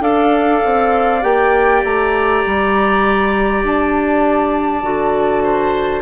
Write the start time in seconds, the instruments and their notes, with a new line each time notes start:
0.00 bassoon D4, clarinet A4, oboe D5, flute F5
0.65 bassoon C4
1.21 bassoon A#3, clarinet G4, flute G5
1.83 bassoon A3, flute A#5
2.46 bassoon G3
3.62 bassoon D4, flute A5
4.82 bassoon D3, clarinet F#4
5.42 oboe C5